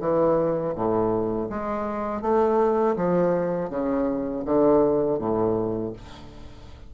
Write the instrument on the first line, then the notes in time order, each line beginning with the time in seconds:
bassoon
0.00 E3
0.75 A2
1.49 G#3
2.22 A3
2.96 F3
3.69 C#3
4.45 D3
5.19 A2